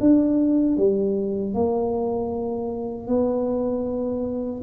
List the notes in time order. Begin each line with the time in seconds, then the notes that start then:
0.00 D4
0.77 G3
1.53 A#3
3.07 B3